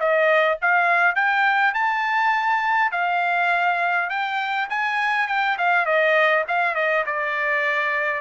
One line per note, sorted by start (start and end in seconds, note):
0.00 0.59 D#5
0.62 1.15 F5
1.15 1.74 G5
1.74 2.92 A5
2.92 4.10 F5
4.10 4.69 G5
4.70 5.28 G#5
5.28 5.57 G5
5.58 5.86 F5
5.86 6.45 D#5
6.48 6.75 F5
6.75 7.05 D#5
7.06 8.21 D5